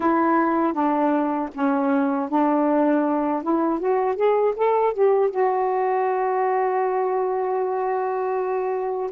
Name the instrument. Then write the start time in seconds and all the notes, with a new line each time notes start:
saxophone
0.00 E4
0.73 D4
1.54 C#4
2.29 D4
3.42 E4
3.79 F#4
4.16 G#4
4.56 A4
4.93 G4
5.31 F#4